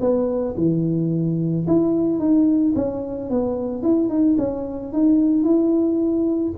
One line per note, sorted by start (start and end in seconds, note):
0.00 0.55 B3
0.57 1.66 E3
1.67 2.19 E4
2.19 2.74 D#4
2.75 3.30 C#4
3.30 3.83 B3
3.83 4.09 E4
4.09 4.36 D#4
4.38 4.92 C#4
4.92 5.43 D#4
5.43 6.53 E4